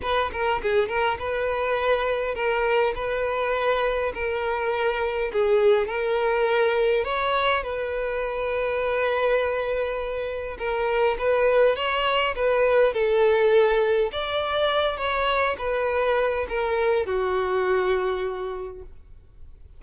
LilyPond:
\new Staff \with { instrumentName = "violin" } { \time 4/4 \tempo 4 = 102 b'8 ais'8 gis'8 ais'8 b'2 | ais'4 b'2 ais'4~ | ais'4 gis'4 ais'2 | cis''4 b'2.~ |
b'2 ais'4 b'4 | cis''4 b'4 a'2 | d''4. cis''4 b'4. | ais'4 fis'2. | }